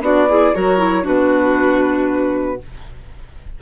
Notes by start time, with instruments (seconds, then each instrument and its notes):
0.00 bassoon B3, clarinet D4, violin F#4, flute D5
0.28 clarinet E4, violin G#4
0.53 bassoon F#3, clarinet F#4, violin A#4, flute C#5
0.77 clarinet E4
1.02 bassoon B2, clarinet D4, violin F#4, flute B4